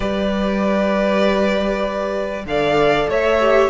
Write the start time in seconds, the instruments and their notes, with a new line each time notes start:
0.00 cello G3, viola G4, violin B4 D5
2.45 cello D3, viola A4, violin D5 F5
3.08 cello A3, violin C#5 E5
3.40 viola G4